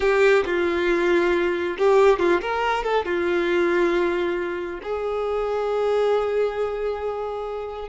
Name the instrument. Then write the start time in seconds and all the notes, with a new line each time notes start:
violin
0.00 G4
0.45 F4
1.77 G4
2.19 F4
2.41 A#4
2.83 A4
3.05 F4
4.82 G#4